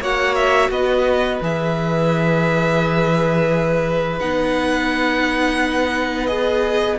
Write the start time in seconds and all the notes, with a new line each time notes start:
0.00 A#3 F#4 C#5 F#5
0.35 E5
0.69 B3 B4 D#5
1.41 E3 G#4 E5
4.19 B3 D#4 F#5
6.26 G#4 D#5